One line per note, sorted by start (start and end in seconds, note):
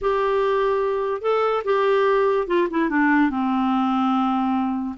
0.01 1.21 G4
1.21 1.63 A4
1.64 2.47 G4
2.47 2.68 F4
2.70 2.89 E4
2.89 3.30 D4
3.30 4.95 C4